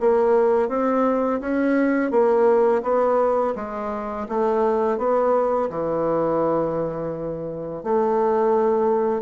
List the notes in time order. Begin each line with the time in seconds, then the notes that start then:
0.00 A#3
0.69 C4
1.40 C#4
2.11 A#3
2.82 B3
3.55 G#3
4.29 A3
4.98 B3
5.70 E3
7.83 A3